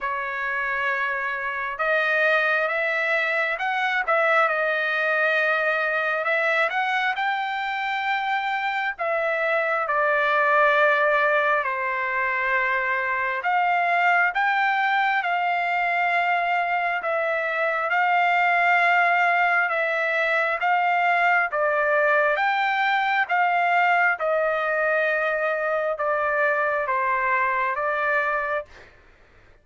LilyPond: \new Staff \with { instrumentName = "trumpet" } { \time 4/4 \tempo 4 = 67 cis''2 dis''4 e''4 | fis''8 e''8 dis''2 e''8 fis''8 | g''2 e''4 d''4~ | d''4 c''2 f''4 |
g''4 f''2 e''4 | f''2 e''4 f''4 | d''4 g''4 f''4 dis''4~ | dis''4 d''4 c''4 d''4 | }